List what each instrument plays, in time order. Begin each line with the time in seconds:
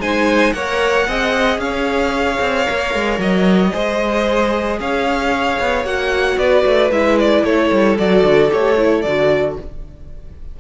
0.00 cello G#3, viola D#4, violin C5 G#5
0.53 cello A#3, viola A#4, violin C#5 F#5
1.08 cello C4, viola G#4, violin D#5
1.58 cello C#4, violin C#5 F5
2.41 cello C4
2.65 cello A#3, viola A#4
2.95 cello G#3
3.19 cello F#3, violin D#5
3.73 cello G#3, viola G#4, violin C5
4.80 cello C#4, violin C#5 F5
5.60 cello B3
5.84 cello A#3, viola F#4, violin F#5
6.38 cello B3, violin B4 D5
6.65 cello A3
6.91 cello G#3, viola E4, violin E5
7.19 violin D5
7.44 cello A3, violin A4 C#5
7.72 cello G3
7.97 cello F#3, viola F#4, violin D5
8.24 cello D3
8.50 cello A3, viola G4, violin C#5
8.78 viola E4
9.02 cello D3, viola F#4, violin D5